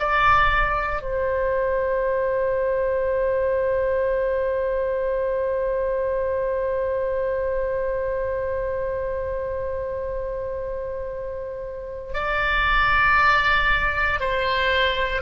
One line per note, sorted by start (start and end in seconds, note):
0.00 1.03 D5
1.03 12.14 C5
12.14 14.21 D5
14.21 15.22 C5